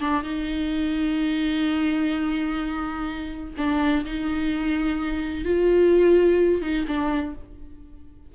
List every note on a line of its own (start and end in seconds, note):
0.00 0.23 D4
0.23 3.54 D#4
3.57 4.05 D4
4.05 5.44 D#4
5.44 6.62 F4
6.62 6.85 D#4
6.87 7.35 D4